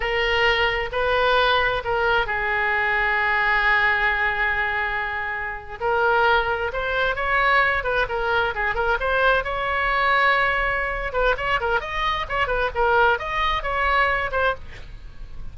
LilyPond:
\new Staff \with { instrumentName = "oboe" } { \time 4/4 \tempo 4 = 132 ais'2 b'2 | ais'4 gis'2.~ | gis'1~ | gis'8. ais'2 c''4 cis''16~ |
cis''4~ cis''16 b'8 ais'4 gis'8 ais'8 c''16~ | c''8. cis''2.~ cis''16~ | cis''8 b'8 cis''8 ais'8 dis''4 cis''8 b'8 | ais'4 dis''4 cis''4. c''8 | }